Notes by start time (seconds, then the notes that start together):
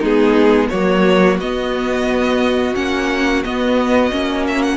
0.00 G#3 B3 D#4 G#4
0.69 F#3 A#3 F#4 C#5
1.38 B3 D#5
2.75 A#3 C#4 F#5
3.44 B3 D#5
4.12 A#3 C#4
4.47 E5
4.62 F#5